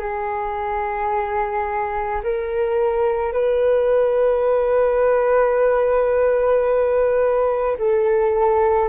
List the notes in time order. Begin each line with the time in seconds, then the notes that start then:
0.00 G#4
2.24 A#4
3.33 B4
7.79 A4